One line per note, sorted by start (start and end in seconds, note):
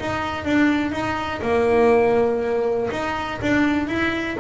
0.00 0.45 D#4
0.45 0.92 D4
0.92 1.42 D#4
1.42 2.90 A#3
2.92 3.41 D#4
3.42 3.88 D4
3.88 4.37 E4